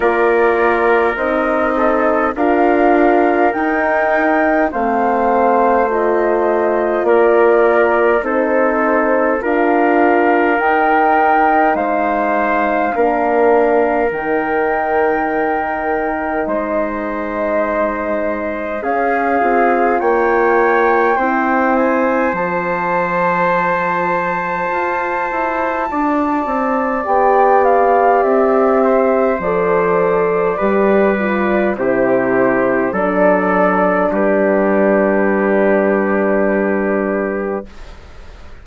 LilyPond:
<<
  \new Staff \with { instrumentName = "flute" } { \time 4/4 \tempo 4 = 51 d''4 dis''4 f''4 g''4 | f''4 dis''4 d''4 c''4 | f''4 g''4 f''2 | g''2 dis''2 |
f''4 g''4. gis''8 a''4~ | a''2. g''8 f''8 | e''4 d''2 c''4 | d''4 b'2. | }
  \new Staff \with { instrumentName = "trumpet" } { \time 4/4 ais'4. a'8 ais'2 | c''2 ais'4 a'4 | ais'2 c''4 ais'4~ | ais'2 c''2 |
gis'4 cis''4 c''2~ | c''2 d''2~ | d''8 c''4. b'4 g'4 | a'4 g'2. | }
  \new Staff \with { instrumentName = "horn" } { \time 4/4 f'4 dis'4 f'4 dis'4 | c'4 f'2 dis'4 | f'4 dis'2 d'4 | dis'1 |
cis'8 f'4. e'4 f'4~ | f'2. g'4~ | g'4 a'4 g'8 f'8 e'4 | d'1 | }
  \new Staff \with { instrumentName = "bassoon" } { \time 4/4 ais4 c'4 d'4 dis'4 | a2 ais4 c'4 | d'4 dis'4 gis4 ais4 | dis2 gis2 |
cis'8 c'8 ais4 c'4 f4~ | f4 f'8 e'8 d'8 c'8 b4 | c'4 f4 g4 c4 | fis4 g2. | }
>>